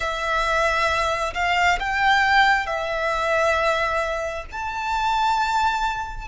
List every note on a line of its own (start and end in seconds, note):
0.00 1.34 E5
1.34 1.79 F5
1.79 2.66 G5
2.66 4.45 E5
4.51 6.27 A5